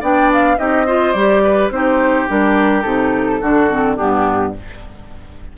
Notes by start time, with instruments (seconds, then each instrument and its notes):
0.00 bassoon B3, clarinet D4, oboe D5, flute G5
0.33 flute F5
0.58 bassoon C4, clarinet D#4, oboe G4, flute D#5
0.86 clarinet F4, oboe C5
1.12 bassoon G3, clarinet G4, flute D5
1.43 oboe B4
1.70 bassoon C4, clarinet D#4, oboe G4, flute C5
2.27 bassoon G3, clarinet D4, flute A#4
2.82 bassoon C3, clarinet D#4, flute A4
3.40 bassoon D3, clarinet D4, oboe F#4
3.69 clarinet C4
3.95 bassoon G2, clarinet B3, oboe D4, flute G4